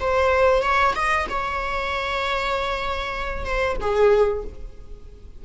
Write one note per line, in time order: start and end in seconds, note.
0.00 0.63 C5
0.63 0.94 C#5
0.95 1.27 D#5
1.29 3.45 C#5
3.45 3.77 C5
3.81 4.44 G#4